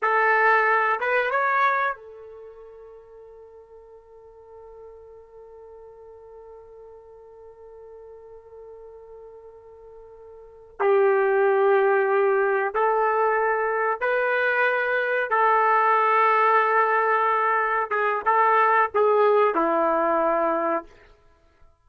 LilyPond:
\new Staff \with { instrumentName = "trumpet" } { \time 4/4 \tempo 4 = 92 a'4. b'8 cis''4 a'4~ | a'1~ | a'1~ | a'1~ |
a'8 g'2. a'8~ | a'4. b'2 a'8~ | a'2.~ a'8 gis'8 | a'4 gis'4 e'2 | }